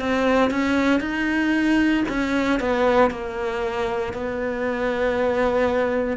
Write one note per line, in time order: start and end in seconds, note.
0.00 0.51 C4
0.51 1.00 C#4
1.00 2.04 D#4
2.09 2.60 C#4
2.60 3.11 B3
3.11 4.13 A#3
4.13 6.17 B3